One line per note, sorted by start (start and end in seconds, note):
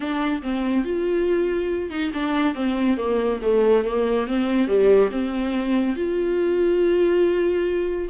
0.00 0.42 D4
0.42 0.84 C4
0.84 1.90 F4
1.90 2.11 D#4
2.13 2.54 D4
2.54 2.97 C4
2.97 3.39 A#3
3.42 3.84 A3
3.84 4.27 A#3
4.27 4.67 C4
4.67 5.10 G3
5.11 5.96 C4
5.96 8.08 F4